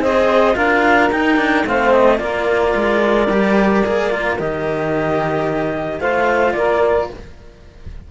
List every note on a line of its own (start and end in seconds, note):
0.00 0.55 C4
0.00 0.53 G#4
0.00 0.55 C5
0.00 0.56 D#5
0.53 1.11 D4
0.53 1.08 F4
0.53 1.64 A#4
0.53 1.10 F5
1.11 1.65 D#4
1.11 1.36 D#4
1.11 1.65 G5
1.36 1.64 D4
1.65 2.19 A3
1.65 2.17 C4
1.65 2.19 C5
1.65 1.92 F5
1.92 2.18 D#5
2.17 2.74 A#3
2.17 3.26 F4
2.17 6.00 A#4
2.17 4.36 D5
2.75 3.28 G#3
3.28 3.82 G3
3.28 3.83 G4
3.83 4.39 A#3
3.83 4.10 G#4
4.10 4.37 F4
4.38 6.00 D#3
4.38 6.01 G4
4.38 6.00 D#5
6.00 6.54 A3
6.00 7.10 F4
6.00 6.55 C5
6.00 6.52 F5
6.52 7.09 A#3
6.52 7.10 A#4
6.52 7.06 D5